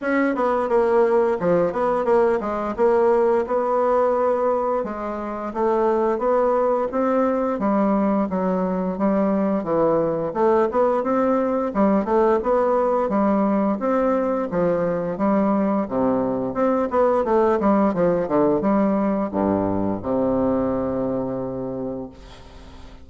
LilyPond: \new Staff \with { instrumentName = "bassoon" } { \time 4/4 \tempo 4 = 87 cis'8 b8 ais4 f8 b8 ais8 gis8 | ais4 b2 gis4 | a4 b4 c'4 g4 | fis4 g4 e4 a8 b8 |
c'4 g8 a8 b4 g4 | c'4 f4 g4 c4 | c'8 b8 a8 g8 f8 d8 g4 | g,4 c2. | }